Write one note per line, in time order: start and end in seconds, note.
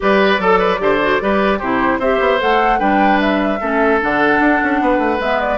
0.00 0.38 G3
0.00 0.39 G4
0.00 0.40 B4
0.00 1.59 D5
0.38 0.78 F#3
0.38 0.58 A4
0.38 0.78 A4
0.58 0.78 B4
0.78 1.20 D3
0.78 0.98 G4
0.78 1.22 C5
1.01 1.20 F#4
1.20 1.61 G3
1.20 1.60 G4
1.20 1.58 B4
1.58 1.98 C3
1.58 2.02 E4
1.58 1.98 G4
1.58 1.99 C5
1.98 2.18 C4
1.98 2.39 G4
1.98 2.79 C5
1.98 2.40 E5
2.20 2.40 B3
2.39 2.80 A3
2.39 2.79 A4
2.39 2.79 F#5
2.79 3.60 G3
2.79 3.59 D4
2.79 3.59 B4
2.79 3.19 G5
3.20 4.00 E5
3.60 4.01 A3
3.60 4.01 C#4
3.60 4.80 A4
4.01 4.40 D3
4.01 5.21 D4
4.01 5.21 F#5
4.40 4.60 D4
4.62 4.80 C#4
4.80 4.98 B3
4.80 5.58 B4
4.98 5.18 A3
5.19 5.58 G#3
5.19 5.58 B3
5.19 5.40 E5
5.40 5.58 D5